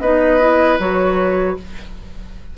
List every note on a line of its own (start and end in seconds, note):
0.00 0.78 B3
0.00 0.40 D#4
0.00 1.57 B4
0.00 0.78 D#5
0.40 0.79 E4
0.79 1.56 F#3
0.79 1.56 F#4
0.79 1.57 C#5